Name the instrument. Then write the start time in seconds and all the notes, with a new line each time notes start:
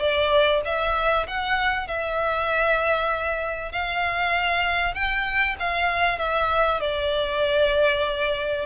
violin
0.00 D5
0.65 E5
1.28 F#5
1.88 E5
3.72 F5
4.94 G5
5.60 F5
6.19 E5
6.81 D5